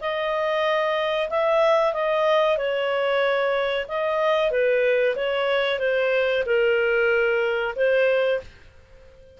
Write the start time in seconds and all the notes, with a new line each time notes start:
0.00 D#5
1.30 E5
1.93 D#5
2.57 C#5
3.88 D#5
4.50 B4
5.15 C#5
5.79 C5
6.45 A#4
7.75 C5